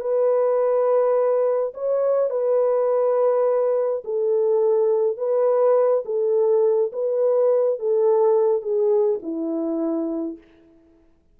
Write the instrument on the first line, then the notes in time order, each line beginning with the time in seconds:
horn
0.00 B4
1.74 C#5
2.30 B4
4.04 A4
5.17 B4
6.05 A4
6.92 B4
7.79 A4
8.62 G#4
9.22 E4